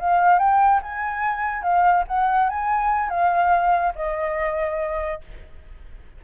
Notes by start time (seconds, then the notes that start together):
0.00 F5
0.39 G5
0.83 G#5
1.63 F5
2.08 F#5
2.50 G#5
3.10 F5
3.96 D#5